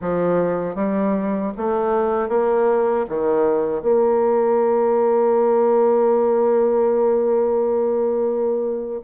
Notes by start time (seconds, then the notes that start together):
0.01 F3
0.75 G3
1.57 A3
2.28 A#3
3.08 D#3
3.81 A#3